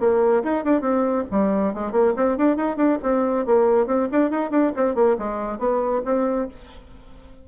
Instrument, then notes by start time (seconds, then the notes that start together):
bassoon
0.00 A#3
0.44 D#4
0.65 D4
0.81 C4
1.31 G3
1.74 G#3
1.92 A#3
2.16 C4
2.37 D4
2.57 D#4
2.77 D4
3.03 C4
3.46 A#3
3.87 C4
4.12 D4
4.31 D#4
4.51 D4
4.76 C4
4.95 A#3
5.18 G#3
5.59 B3
6.05 C4